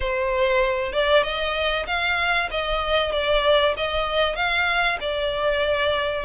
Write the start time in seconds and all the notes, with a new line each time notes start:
0.00 C5
0.92 D5
1.23 D#5
1.87 F5
2.51 D#5
3.12 D5
3.76 D#5
4.35 F5
5.00 D5